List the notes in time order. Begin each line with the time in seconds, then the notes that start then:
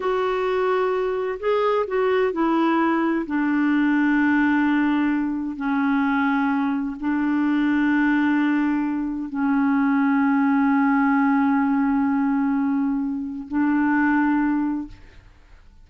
0.00 F#4
1.39 G#4
1.87 F#4
2.32 E4
3.26 D4
5.56 C#4
7.00 D4
9.29 C#4
13.48 D4